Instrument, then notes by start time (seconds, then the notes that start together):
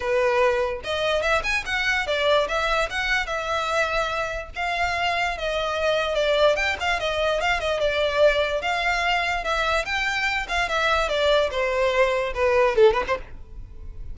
violin
0.00 B4
0.84 D#5
1.21 E5
1.43 G#5
1.65 F#5
2.06 D5
2.48 E5
2.90 F#5
3.26 E5
4.55 F5
5.37 D#5
6.14 D5
6.55 G5
6.80 F5
6.99 D#5
7.40 F5
7.60 D#5
7.80 D5
8.61 F5
9.44 E5
9.85 G5
10.48 F5
10.68 E5
11.08 D5
11.50 C5
12.34 B4
12.75 A4
12.93 B4
13.07 C5